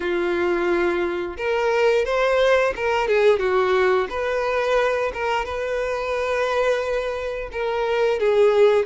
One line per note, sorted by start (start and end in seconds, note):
0.00 1.36 F4
1.37 2.05 A#4
2.05 2.73 C5
2.76 3.08 A#4
3.08 3.39 G#4
3.39 4.07 F#4
4.09 5.11 B4
5.13 5.45 A#4
5.45 7.49 B4
7.52 8.19 A#4
8.19 8.85 G#4